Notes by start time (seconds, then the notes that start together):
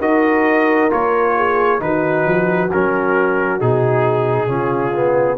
0.00 D#4 F#4 A#4 D#5
0.90 A#3 F4 C#5
1.37 G#4
1.79 D#3 D#4 F#4 B4
2.26 F3
2.72 F#3 C#4 A#4
3.60 B2 D#4 G#4
4.48 C#3 C#4 F4
4.94 B3